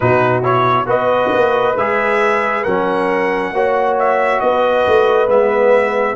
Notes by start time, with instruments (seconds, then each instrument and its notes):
0.00 tuba B2, trombone D#4, horn F#4, trumpet B4
0.42 trombone E4, trumpet C#5
0.85 tuba B3, trombone F#4, horn B4, trumpet D#5
1.33 tuba A#3
1.76 tuba G#3, trombone G#4, trumpet E5
2.62 tuba F#3, trombone C#4, horn A#4, trumpet F#5
3.51 tuba A#3, trombone F#4, horn C#5
3.98 trumpet E5
4.40 tuba B3, horn B4, trumpet D#5
4.86 tuba A3
5.27 tuba G#3, trombone B3, trumpet E5